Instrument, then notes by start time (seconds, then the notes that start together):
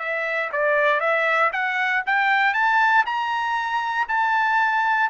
trumpet
0.00 E5
0.53 D5
1.01 E5
1.53 F#5
2.07 G5
2.54 A5
3.06 A#5
4.09 A5